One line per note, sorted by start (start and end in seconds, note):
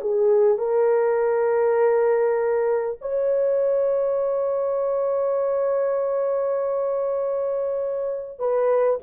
0.00 0.58 G#4
0.58 2.98 A#4
3.01 8.39 C#5
8.39 8.99 B4